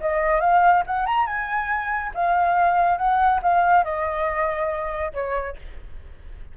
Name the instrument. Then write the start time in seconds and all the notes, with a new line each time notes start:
flute
0.00 D#5
0.40 F5
0.86 F#5
1.05 A#5
1.26 G#5
2.14 F5
2.97 F#5
3.42 F5
3.83 D#5
5.13 C#5